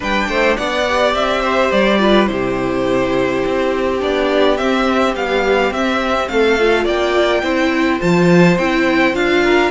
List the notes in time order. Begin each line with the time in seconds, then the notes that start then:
0.00 G3 D4 B4 G5
0.28 A3 C5
0.56 B3 D5 F#5
0.88 G4
1.13 C4 E5
1.41 C5
1.71 G3 D5
1.99 F4 B4
2.26 C3 E4 G4 C5
3.46 C4
3.99 B3 D4 D5
4.57 C4 E5
5.15 G3 B3 F5
5.70 C4 E5
6.28 A3 A4 F5
6.59 F4
6.84 A#3 D5 G5
7.42 C4 E4 C5
7.99 F3 F4 A5
8.58 C4 E4 G5
9.13 D4 F4 F5
9.43 A#4